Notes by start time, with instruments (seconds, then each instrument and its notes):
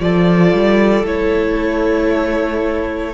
0.00 cello F3, viola F4, violin A4 D5
0.53 cello G3
1.04 cello A3, viola E4, violin C#5